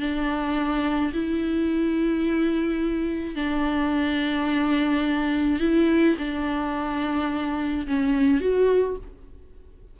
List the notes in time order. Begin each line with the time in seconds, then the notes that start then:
0.00 D4
1.13 E4
3.35 D4
5.60 E4
6.18 D4
7.87 C#4
8.40 F#4